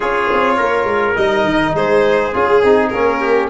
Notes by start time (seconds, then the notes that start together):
0.00 C#4 F4 G#4 C#5
0.33 C4
0.57 A#3 A#4
0.84 G#3
1.15 G3 D#4 D#5
1.44 D#3
1.74 G#3 G#4 C5
2.32 C#4 F4 G#4
2.63 C4 D#4
2.89 A#3 C#4 A#4
3.20 G4